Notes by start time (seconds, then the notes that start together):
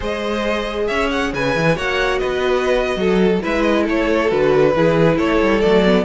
0.00 G#3 G#4 C5 D#5
0.87 C#4 C#5 E5
1.11 F#5
1.33 C#3 B4 G#5
1.55 E3
1.75 A#3 F#4 C#5 F#5
2.18 B3 B4 D#5
2.95 F#3 A4
3.40 G#3 E4 B4 E5
3.62 D#5
3.83 A3 A4 C#5
4.27 D3 F#4 B4
4.75 E3 E4 G#4
5.17 A3 A4 C#5
5.41 G3
5.60 F#3 A3 D5
5.85 B3